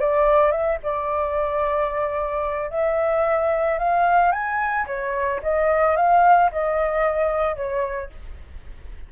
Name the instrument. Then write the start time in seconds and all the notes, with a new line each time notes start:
flute
0.00 D5
0.52 E5
0.83 D5
2.71 E5
3.79 F5
4.32 G#5
4.87 C#5
5.43 D#5
5.97 F5
6.52 D#5
7.56 C#5